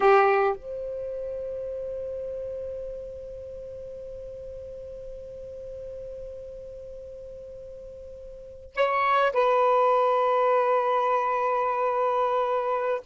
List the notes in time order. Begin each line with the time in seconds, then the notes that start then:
0.00 G4
0.56 C5
8.75 C#5
9.33 B4